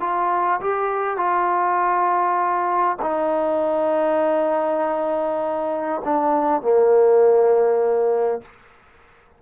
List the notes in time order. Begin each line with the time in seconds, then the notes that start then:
0.00 F4
0.61 G4
1.17 F4
3.02 D#4
6.04 D4
6.62 A#3